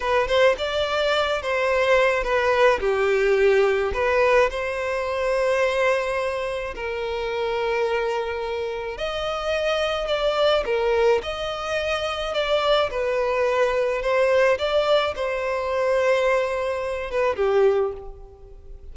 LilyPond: \new Staff \with { instrumentName = "violin" } { \time 4/4 \tempo 4 = 107 b'8 c''8 d''4. c''4. | b'4 g'2 b'4 | c''1 | ais'1 |
dis''2 d''4 ais'4 | dis''2 d''4 b'4~ | b'4 c''4 d''4 c''4~ | c''2~ c''8 b'8 g'4 | }